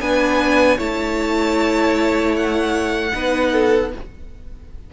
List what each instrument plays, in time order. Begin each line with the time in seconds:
0.00 cello B3, viola D4, violin B4 G#5
0.77 cello A3, viola E4, violin C#5 A5
2.36 violin F#5
3.12 cello B3, viola D#4, violin B4
3.51 violin A4